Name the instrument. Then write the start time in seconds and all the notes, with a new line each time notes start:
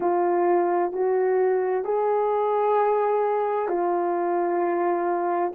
horn
0.00 F4
0.92 F#4
1.84 G#4
3.68 F4